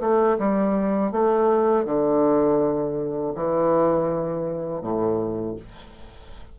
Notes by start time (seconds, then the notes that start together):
0.00 A3
0.39 G3
1.12 A3
1.85 D3
3.35 E3
4.81 A2